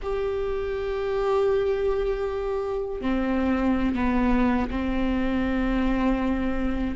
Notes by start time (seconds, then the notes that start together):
0.02 G4
3.01 C4
3.94 B3
4.70 C4